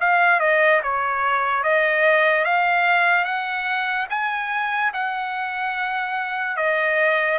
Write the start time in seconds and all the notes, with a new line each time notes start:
0.00 F5
0.39 D#5
0.83 C#5
1.63 D#5
2.44 F5
3.24 F#5
4.09 G#5
4.93 F#5
6.56 D#5